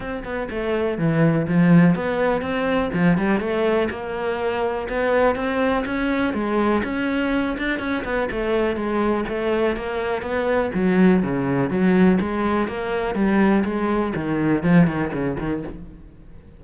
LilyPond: \new Staff \with { instrumentName = "cello" } { \time 4/4 \tempo 4 = 123 c'8 b8 a4 e4 f4 | b4 c'4 f8 g8 a4 | ais2 b4 c'4 | cis'4 gis4 cis'4. d'8 |
cis'8 b8 a4 gis4 a4 | ais4 b4 fis4 cis4 | fis4 gis4 ais4 g4 | gis4 dis4 f8 dis8 cis8 dis8 | }